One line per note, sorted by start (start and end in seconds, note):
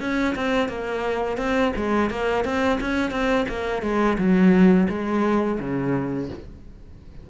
0.00 0.35 C#4
0.35 0.68 C4
0.68 1.38 A#3
1.38 1.73 C4
1.76 2.10 G#3
2.10 2.45 A#3
2.45 2.79 C4
2.81 3.11 C#4
3.11 3.46 C4
3.49 3.82 A#3
3.82 4.17 G#3
4.18 4.88 F#3
4.89 5.59 G#3
5.60 6.29 C#3